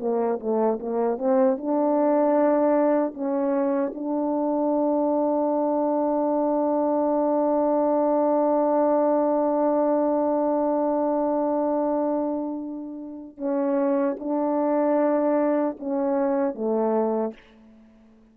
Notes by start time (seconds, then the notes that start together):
0.00 A#3
0.40 A3
0.80 A#3
1.18 C4
1.58 D4
3.14 C#4
3.95 D4
13.37 C#4
14.19 D4
15.80 C#4
16.55 A3